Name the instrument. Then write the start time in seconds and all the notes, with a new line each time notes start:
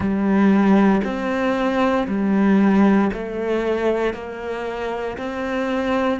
cello
0.00 G3
1.03 C4
2.07 G3
3.13 A3
4.13 A#3
5.17 C4